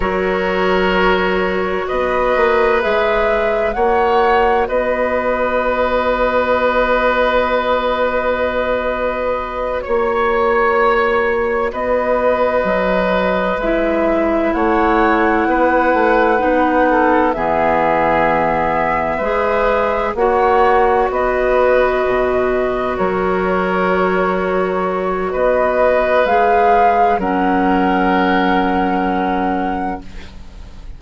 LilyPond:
<<
  \new Staff \with { instrumentName = "flute" } { \time 4/4 \tempo 4 = 64 cis''2 dis''4 e''4 | fis''4 dis''2.~ | dis''2~ dis''8 cis''4.~ | cis''8 dis''2 e''4 fis''8~ |
fis''2~ fis''8 e''4.~ | e''4. fis''4 dis''4.~ | dis''8 cis''2~ cis''8 dis''4 | f''4 fis''2. | }
  \new Staff \with { instrumentName = "oboe" } { \time 4/4 ais'2 b'2 | cis''4 b'2.~ | b'2~ b'8 cis''4.~ | cis''8 b'2. cis''8~ |
cis''8 b'4. a'8 gis'4.~ | gis'8 b'4 cis''4 b'4.~ | b'8 ais'2~ ais'8 b'4~ | b'4 ais'2. | }
  \new Staff \with { instrumentName = "clarinet" } { \time 4/4 fis'2. gis'4 | fis'1~ | fis'1~ | fis'2~ fis'8 e'4.~ |
e'4. dis'4 b4.~ | b8 gis'4 fis'2~ fis'8~ | fis'1 | gis'4 cis'2. | }
  \new Staff \with { instrumentName = "bassoon" } { \time 4/4 fis2 b8 ais8 gis4 | ais4 b2.~ | b2~ b8 ais4.~ | ais8 b4 fis4 gis4 a8~ |
a8 b8 a8 b4 e4.~ | e8 gis4 ais4 b4 b,8~ | b,8 fis2~ fis8 b4 | gis4 fis2. | }
>>